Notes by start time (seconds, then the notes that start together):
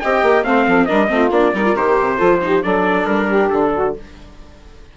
0.00 C4 G4 D#5 G5
0.23 A#3
0.44 A3 C4 C5 F5
0.67 F3 A4
0.86 G3 D4 A#4 D#5
1.08 A3 C4 F4
1.31 A#3 D4 D5
1.54 G3 D#4 A#4
1.65 F4
1.76 D#3 G4 C5
2.00 C3
2.16 F3 F4 A4
2.42 D#4 G4
2.63 F#3 D4 A4 D5
3.06 G3 A#4
3.28 G4
3.50 D3 A4
3.75 F#4